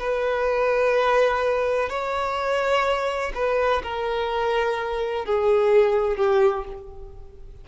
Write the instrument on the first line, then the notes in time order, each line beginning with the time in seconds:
violin
0.00 B4
1.90 C#5
3.35 B4
3.84 A#4
5.26 G#4
6.17 G4